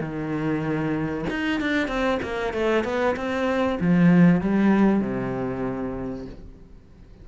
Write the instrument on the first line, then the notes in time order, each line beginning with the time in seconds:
cello
0.00 D#3
1.30 D#4
1.60 D4
1.88 C4
2.22 A#3
2.53 A3
2.84 B3
3.16 C4
3.80 F3
4.41 G3
5.01 C3